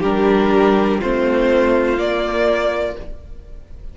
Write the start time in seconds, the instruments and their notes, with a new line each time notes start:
0.00 cello G3, viola D4, violin G4 A#4
0.99 cello A3, viola C4, violin F4 C5
1.98 cello A#3, viola A#3, violin D5